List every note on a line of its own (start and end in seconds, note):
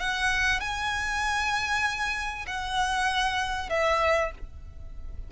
0.00 0.60 F#5
0.60 2.46 G#5
2.47 3.70 F#5
3.70 4.32 E5